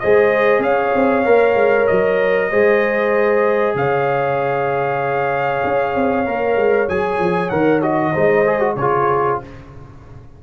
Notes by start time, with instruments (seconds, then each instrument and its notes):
0.00 tuba G#3, trombone G#4, horn C5, trumpet D#5
0.59 tuba C#4, horn C#5, trumpet F5
0.95 tuba C4
1.26 tuba A#3, trombone A#4
1.55 tuba G#3
1.87 tuba F#3, trumpet D#5
2.51 tuba G#3, trombone G#4, horn C5
3.75 tuba C#3, horn C#5, trumpet F5
5.64 tuba C#4
5.96 tuba C4
6.26 tuba A#3, trombone A#4
6.57 tuba G#3
6.89 tuba F#3, trombone G#4, trumpet G#5
7.19 tuba F3
7.50 tuba D#3, trombone A#4, trumpet F#5
7.82 trombone F#4, trumpet D#5
8.13 tuba G#3, trombone D#4, horn C5
8.47 trombone G#4
8.60 trombone F#4
8.76 tuba C#3, trombone F4, horn G#4, trumpet C#5